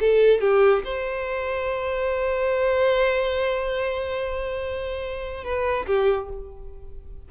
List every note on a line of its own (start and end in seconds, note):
0.00 0.41 A4
0.41 0.83 G4
0.84 5.44 C5
5.44 5.86 B4
5.87 6.29 G4